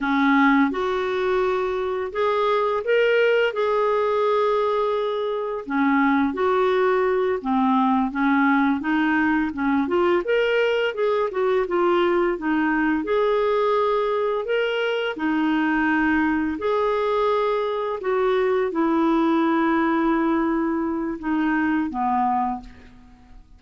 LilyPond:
\new Staff \with { instrumentName = "clarinet" } { \time 4/4 \tempo 4 = 85 cis'4 fis'2 gis'4 | ais'4 gis'2. | cis'4 fis'4. c'4 cis'8~ | cis'8 dis'4 cis'8 f'8 ais'4 gis'8 |
fis'8 f'4 dis'4 gis'4.~ | gis'8 ais'4 dis'2 gis'8~ | gis'4. fis'4 e'4.~ | e'2 dis'4 b4 | }